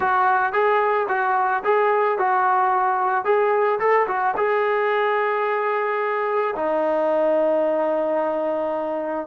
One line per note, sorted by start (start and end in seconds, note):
0.00 0.52 F#4
0.52 1.07 G#4
1.08 1.63 F#4
1.63 2.18 G#4
2.18 3.24 F#4
3.24 3.79 G#4
3.79 4.07 A4
4.07 4.35 F#4
4.36 6.55 G#4
6.56 9.27 D#4